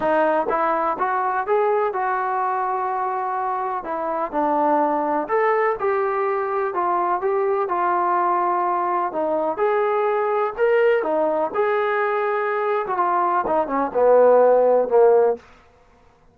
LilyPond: \new Staff \with { instrumentName = "trombone" } { \time 4/4 \tempo 4 = 125 dis'4 e'4 fis'4 gis'4 | fis'1 | e'4 d'2 a'4 | g'2 f'4 g'4 |
f'2. dis'4 | gis'2 ais'4 dis'4 | gis'2~ gis'8. fis'16 f'4 | dis'8 cis'8 b2 ais4 | }